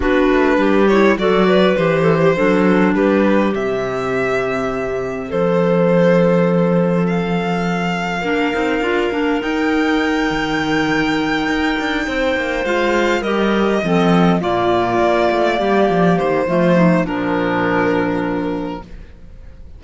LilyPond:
<<
  \new Staff \with { instrumentName = "violin" } { \time 4/4 \tempo 4 = 102 b'4. cis''8 d''4 c''4~ | c''4 b'4 e''2~ | e''4 c''2. | f''1 |
g''1~ | g''4. f''4 dis''4.~ | dis''8 d''2. c''8~ | c''4 ais'2. | }
  \new Staff \with { instrumentName = "clarinet" } { \time 4/4 fis'4 g'4 a'8 b'4 a'16 g'16 | a'4 g'2.~ | g'4 a'2.~ | a'2 ais'2~ |
ais'1~ | ais'8 c''2 ais'4 a'8~ | a'8 f'2 g'4. | f'8 dis'8 d'2. | }
  \new Staff \with { instrumentName = "clarinet" } { \time 4/4 d'4. e'8 fis'4 g'4 | d'2 c'2~ | c'1~ | c'2 d'8 dis'8 f'8 d'8 |
dis'1~ | dis'4. f'4 g'4 c'8~ | c'8 ais2.~ ais8 | a4 f2. | }
  \new Staff \with { instrumentName = "cello" } { \time 4/4 b8 a8 g4 fis4 e4 | fis4 g4 c2~ | c4 f2.~ | f2 ais8 c'8 d'8 ais8 |
dis'4. dis2 dis'8 | d'8 c'8 ais8 gis4 g4 f8~ | f8 ais,4 ais8 a8 g8 f8 dis8 | f4 ais,2. | }
>>